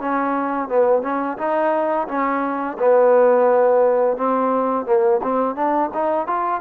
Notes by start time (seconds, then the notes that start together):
0.00 C#4
0.69 B3
1.02 C#4
1.38 D#4
2.08 C#4
2.79 B3
4.17 C4
4.86 A#3
5.23 C4
5.55 D4
5.94 D#4
6.27 F4